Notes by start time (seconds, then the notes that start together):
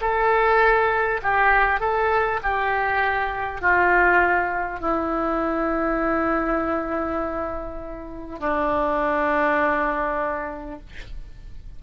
0.00 A4
1.22 G4
1.79 A4
2.43 G4
3.61 F4
4.80 E4
8.39 D4